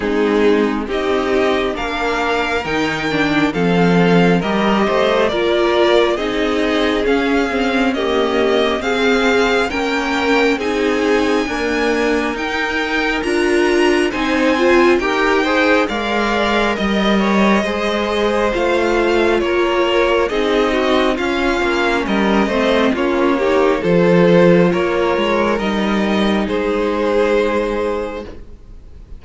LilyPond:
<<
  \new Staff \with { instrumentName = "violin" } { \time 4/4 \tempo 4 = 68 gis'4 dis''4 f''4 g''4 | f''4 dis''4 d''4 dis''4 | f''4 dis''4 f''4 g''4 | gis''2 g''4 ais''4 |
gis''4 g''4 f''4 dis''4~ | dis''4 f''4 cis''4 dis''4 | f''4 dis''4 cis''4 c''4 | cis''4 dis''4 c''2 | }
  \new Staff \with { instrumentName = "violin" } { \time 4/4 dis'4 g'4 ais'2 | a'4 ais'8 c''8 ais'4 gis'4~ | gis'4 g'4 gis'4 ais'4 | gis'4 ais'2. |
c''4 ais'8 c''8 d''4 dis''8 cis''8 | c''2 ais'4 gis'8 fis'8 | f'4 ais'8 c''8 f'8 g'8 a'4 | ais'2 gis'2 | }
  \new Staff \with { instrumentName = "viola" } { \time 4/4 c'4 dis'4 d'4 dis'8 d'8 | c'4 g'4 f'4 dis'4 | cis'8 c'8 ais4 c'4 cis'4 | dis'4 ais4 dis'4 f'4 |
dis'8 f'8 g'8 gis'8 ais'2 | gis'4 f'2 dis'4 | cis'4. c'8 cis'8 dis'8 f'4~ | f'4 dis'2. | }
  \new Staff \with { instrumentName = "cello" } { \time 4/4 gis4 c'4 ais4 dis4 | f4 g8 a8 ais4 c'4 | cis'2 c'4 ais4 | c'4 d'4 dis'4 d'4 |
c'4 dis'4 gis4 g4 | gis4 a4 ais4 c'4 | cis'8 ais8 g8 a8 ais4 f4 | ais8 gis8 g4 gis2 | }
>>